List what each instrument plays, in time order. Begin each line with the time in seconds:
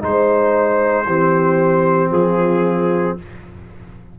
0.00 tuba G#3, trombone D#4, trumpet C5, horn C5
1.05 tuba E3, trombone C4, horn G4
2.10 tuba F3, horn F4, trumpet G#4